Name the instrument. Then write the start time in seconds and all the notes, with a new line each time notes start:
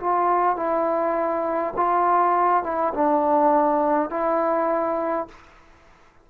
trombone
0.00 F4
0.56 E4
1.76 F4
2.64 E4
2.95 D4
4.10 E4